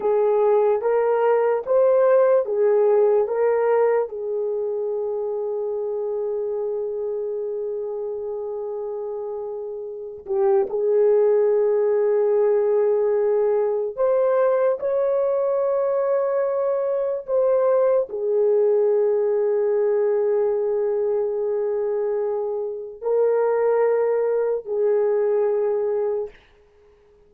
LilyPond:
\new Staff \with { instrumentName = "horn" } { \time 4/4 \tempo 4 = 73 gis'4 ais'4 c''4 gis'4 | ais'4 gis'2.~ | gis'1~ | gis'8 g'8 gis'2.~ |
gis'4 c''4 cis''2~ | cis''4 c''4 gis'2~ | gis'1 | ais'2 gis'2 | }